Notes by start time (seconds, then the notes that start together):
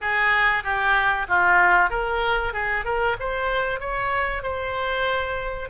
0.01 G#4
0.63 G4
1.28 F4
1.89 A#4
2.53 G#4
2.84 A#4
3.19 C5
3.80 C#5
4.42 C5